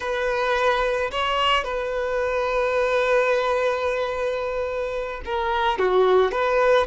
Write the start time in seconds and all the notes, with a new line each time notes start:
0.00 B4
1.11 C#5
1.63 B4
5.25 A#4
5.78 F#4
6.31 B4